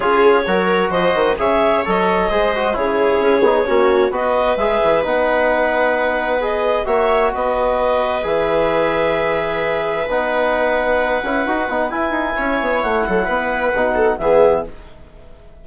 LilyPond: <<
  \new Staff \with { instrumentName = "clarinet" } { \time 4/4 \tempo 4 = 131 cis''2 dis''4 e''4 | dis''2 cis''2~ | cis''4 dis''4 e''4 fis''4~ | fis''2 dis''4 e''4 |
dis''2 e''2~ | e''2 fis''2~ | fis''2 gis''2 | fis''2. e''4 | }
  \new Staff \with { instrumentName = "viola" } { \time 4/4 gis'4 ais'4 c''4 cis''4~ | cis''4 c''4 gis'2 | fis'4 b'2.~ | b'2. cis''4 |
b'1~ | b'1~ | b'2. cis''4~ | cis''8 a'8 b'4. a'8 gis'4 | }
  \new Staff \with { instrumentName = "trombone" } { \time 4/4 f'4 fis'2 gis'4 | a'4 gis'8 fis'8 e'4. dis'8 | cis'4 fis'4 gis'4 dis'4~ | dis'2 gis'4 fis'4~ |
fis'2 gis'2~ | gis'2 dis'2~ | dis'8 e'8 fis'8 dis'8 e'2~ | e'2 dis'4 b4 | }
  \new Staff \with { instrumentName = "bassoon" } { \time 4/4 cis'4 fis4 f8 dis8 cis4 | fis4 gis4 cis4 cis'8 b8 | ais4 b4 gis8 e8 b4~ | b2. ais4 |
b2 e2~ | e2 b2~ | b8 cis'8 dis'8 b8 e'8 dis'8 cis'8 b8 | a8 fis8 b4 b,4 e4 | }
>>